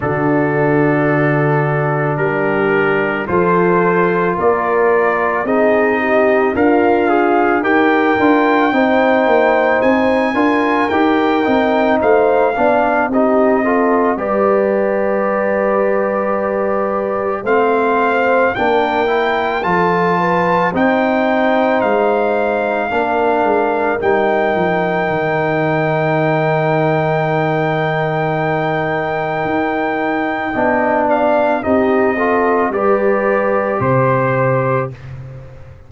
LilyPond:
<<
  \new Staff \with { instrumentName = "trumpet" } { \time 4/4 \tempo 4 = 55 a'2 ais'4 c''4 | d''4 dis''4 f''4 g''4~ | g''4 gis''4 g''4 f''4 | dis''4 d''2. |
f''4 g''4 a''4 g''4 | f''2 g''2~ | g''1~ | g''8 f''8 dis''4 d''4 c''4 | }
  \new Staff \with { instrumentName = "horn" } { \time 4/4 fis'2 g'4 a'4 | ais'4 gis'8 g'8 f'4 ais'4 | c''4. ais'4. c''8 d''8 | g'8 a'8 b'2. |
c''4 ais'4 a'8 b'8 c''4~ | c''4 ais'2.~ | ais'1 | dis''8 d''8 g'8 a'8 b'4 c''4 | }
  \new Staff \with { instrumentName = "trombone" } { \time 4/4 d'2. f'4~ | f'4 dis'4 ais'8 gis'8 g'8 f'8 | dis'4. f'8 g'8 dis'4 d'8 | dis'8 f'8 g'2. |
c'4 d'8 e'8 f'4 dis'4~ | dis'4 d'4 dis'2~ | dis'1 | d'4 dis'8 f'8 g'2 | }
  \new Staff \with { instrumentName = "tuba" } { \time 4/4 d2 g4 f4 | ais4 c'4 d'4 dis'8 d'8 | c'8 ais8 c'8 d'8 dis'8 c'8 a8 b8 | c'4 g2. |
a4 ais4 f4 c'4 | gis4 ais8 gis8 g8 f8 dis4~ | dis2. dis'4 | b4 c'4 g4 c4 | }
>>